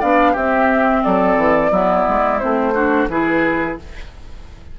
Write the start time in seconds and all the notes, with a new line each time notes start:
0.00 B3 D4 D5 F5
0.32 C4 G4 E5
1.04 F#3 A4 D5
1.37 E3
1.71 F#3 B3 E4
2.09 G#3
2.39 A3 C4 C5
2.74 D4 F#4
3.08 E3 E4 G#4 B4